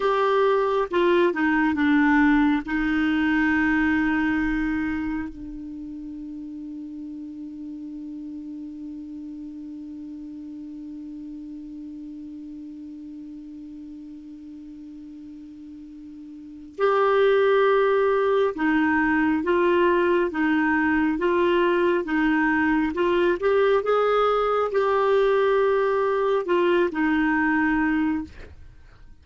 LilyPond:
\new Staff \with { instrumentName = "clarinet" } { \time 4/4 \tempo 4 = 68 g'4 f'8 dis'8 d'4 dis'4~ | dis'2 d'2~ | d'1~ | d'1~ |
d'2. g'4~ | g'4 dis'4 f'4 dis'4 | f'4 dis'4 f'8 g'8 gis'4 | g'2 f'8 dis'4. | }